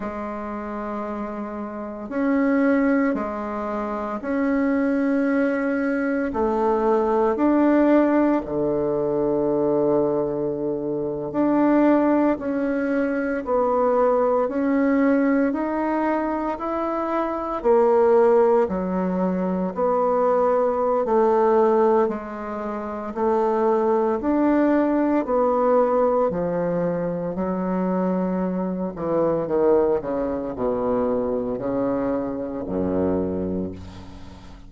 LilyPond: \new Staff \with { instrumentName = "bassoon" } { \time 4/4 \tempo 4 = 57 gis2 cis'4 gis4 | cis'2 a4 d'4 | d2~ d8. d'4 cis'16~ | cis'8. b4 cis'4 dis'4 e'16~ |
e'8. ais4 fis4 b4~ b16 | a4 gis4 a4 d'4 | b4 f4 fis4. e8 | dis8 cis8 b,4 cis4 fis,4 | }